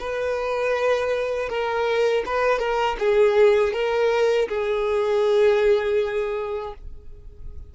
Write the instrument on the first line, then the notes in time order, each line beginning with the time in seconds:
violin
0.00 B4
1.49 A#4
2.26 B4
2.59 A#4
2.99 G#4
3.73 A#4
4.49 G#4